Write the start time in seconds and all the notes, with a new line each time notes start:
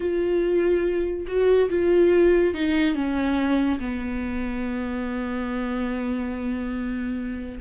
0.00 F4
1.27 F#4
1.69 F4
2.54 D#4
2.94 C#4
3.79 B3